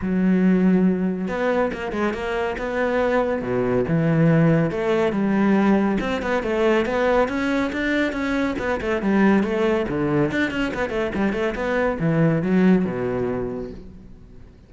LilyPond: \new Staff \with { instrumentName = "cello" } { \time 4/4 \tempo 4 = 140 fis2. b4 | ais8 gis8 ais4 b2 | b,4 e2 a4 | g2 c'8 b8 a4 |
b4 cis'4 d'4 cis'4 | b8 a8 g4 a4 d4 | d'8 cis'8 b8 a8 g8 a8 b4 | e4 fis4 b,2 | }